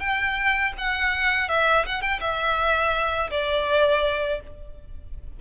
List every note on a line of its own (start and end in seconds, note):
0.00 0.73 G5
0.78 1.49 F#5
1.49 1.86 E5
1.86 2.02 F#5
2.02 2.20 G5
2.21 3.30 E5
3.31 4.40 D5